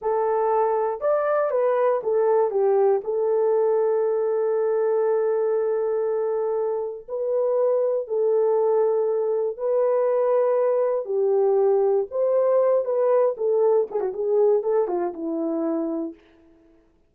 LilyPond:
\new Staff \with { instrumentName = "horn" } { \time 4/4 \tempo 4 = 119 a'2 d''4 b'4 | a'4 g'4 a'2~ | a'1~ | a'2 b'2 |
a'2. b'4~ | b'2 g'2 | c''4. b'4 a'4 gis'16 fis'16 | gis'4 a'8 f'8 e'2 | }